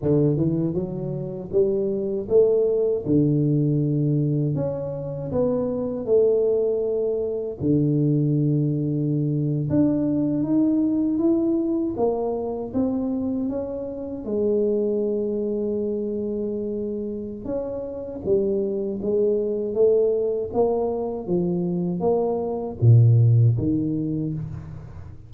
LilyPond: \new Staff \with { instrumentName = "tuba" } { \time 4/4 \tempo 4 = 79 d8 e8 fis4 g4 a4 | d2 cis'4 b4 | a2 d2~ | d8. d'4 dis'4 e'4 ais16~ |
ais8. c'4 cis'4 gis4~ gis16~ | gis2. cis'4 | g4 gis4 a4 ais4 | f4 ais4 ais,4 dis4 | }